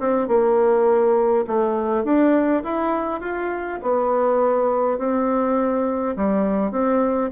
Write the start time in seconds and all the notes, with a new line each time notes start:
0.00 C4
0.28 A#3
1.47 A3
2.05 D4
2.64 E4
3.21 F4
3.83 B3
4.98 C4
6.16 G3
6.72 C4